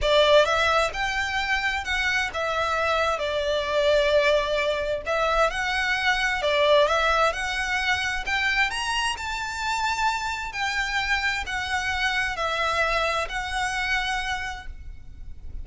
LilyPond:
\new Staff \with { instrumentName = "violin" } { \time 4/4 \tempo 4 = 131 d''4 e''4 g''2 | fis''4 e''2 d''4~ | d''2. e''4 | fis''2 d''4 e''4 |
fis''2 g''4 ais''4 | a''2. g''4~ | g''4 fis''2 e''4~ | e''4 fis''2. | }